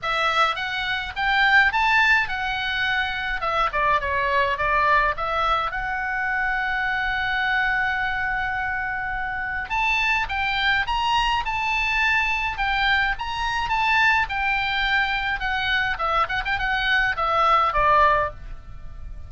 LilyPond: \new Staff \with { instrumentName = "oboe" } { \time 4/4 \tempo 4 = 105 e''4 fis''4 g''4 a''4 | fis''2 e''8 d''8 cis''4 | d''4 e''4 fis''2~ | fis''1~ |
fis''4 a''4 g''4 ais''4 | a''2 g''4 ais''4 | a''4 g''2 fis''4 | e''8 fis''16 g''16 fis''4 e''4 d''4 | }